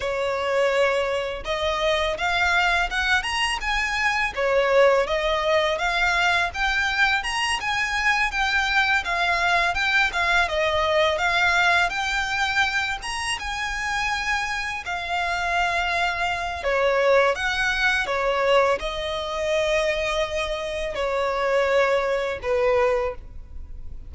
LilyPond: \new Staff \with { instrumentName = "violin" } { \time 4/4 \tempo 4 = 83 cis''2 dis''4 f''4 | fis''8 ais''8 gis''4 cis''4 dis''4 | f''4 g''4 ais''8 gis''4 g''8~ | g''8 f''4 g''8 f''8 dis''4 f''8~ |
f''8 g''4. ais''8 gis''4.~ | gis''8 f''2~ f''8 cis''4 | fis''4 cis''4 dis''2~ | dis''4 cis''2 b'4 | }